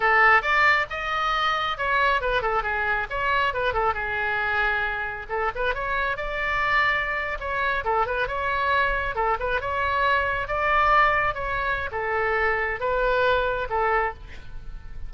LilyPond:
\new Staff \with { instrumentName = "oboe" } { \time 4/4 \tempo 4 = 136 a'4 d''4 dis''2 | cis''4 b'8 a'8 gis'4 cis''4 | b'8 a'8 gis'2. | a'8 b'8 cis''4 d''2~ |
d''8. cis''4 a'8 b'8 cis''4~ cis''16~ | cis''8. a'8 b'8 cis''2 d''16~ | d''4.~ d''16 cis''4~ cis''16 a'4~ | a'4 b'2 a'4 | }